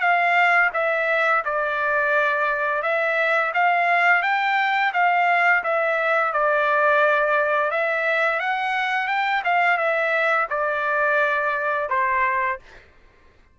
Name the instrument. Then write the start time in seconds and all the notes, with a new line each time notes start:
trumpet
0.00 F5
0.74 E5
1.45 D5
2.82 E5
3.54 F5
4.22 G5
4.93 F5
5.63 E5
6.32 D5
7.71 E5
8.39 F#5
9.07 G5
9.44 F5
9.77 E5
10.50 D5
11.89 C5